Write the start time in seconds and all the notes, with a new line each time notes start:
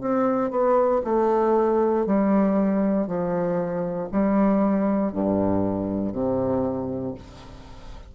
0.00 C4
0.50 B3
1.04 A3
2.06 G3
3.06 F3
4.11 G3
5.12 G2
6.12 C3